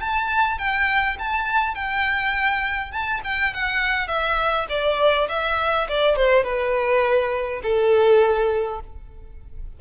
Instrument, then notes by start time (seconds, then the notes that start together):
violin
0.00 A5
0.58 G5
1.19 A5
1.75 G5
2.91 A5
3.24 G5
3.54 F#5
4.07 E5
4.69 D5
5.29 E5
5.89 D5
6.16 C5
6.44 B4
7.63 A4